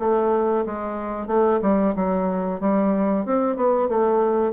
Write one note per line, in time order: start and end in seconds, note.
0.00 0.65 A3
0.66 1.27 G#3
1.27 1.60 A3
1.62 1.95 G3
1.96 2.61 F#3
2.61 3.26 G3
3.26 3.57 C4
3.57 3.89 B3
3.89 4.53 A3